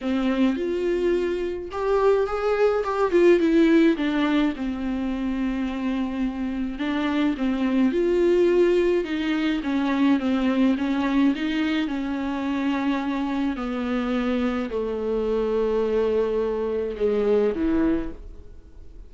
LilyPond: \new Staff \with { instrumentName = "viola" } { \time 4/4 \tempo 4 = 106 c'4 f'2 g'4 | gis'4 g'8 f'8 e'4 d'4 | c'1 | d'4 c'4 f'2 |
dis'4 cis'4 c'4 cis'4 | dis'4 cis'2. | b2 a2~ | a2 gis4 e4 | }